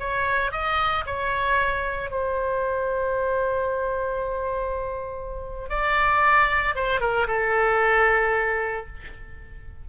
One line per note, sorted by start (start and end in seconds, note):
0.00 0.52 C#5
0.52 1.05 D#5
1.06 2.11 C#5
2.11 5.69 C5
5.69 6.76 D5
6.76 7.01 C5
7.01 7.27 A#4
7.27 8.87 A4